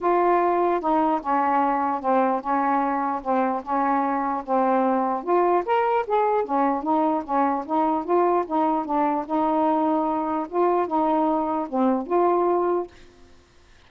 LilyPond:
\new Staff \with { instrumentName = "saxophone" } { \time 4/4 \tempo 4 = 149 f'2 dis'4 cis'4~ | cis'4 c'4 cis'2 | c'4 cis'2 c'4~ | c'4 f'4 ais'4 gis'4 |
cis'4 dis'4 cis'4 dis'4 | f'4 dis'4 d'4 dis'4~ | dis'2 f'4 dis'4~ | dis'4 c'4 f'2 | }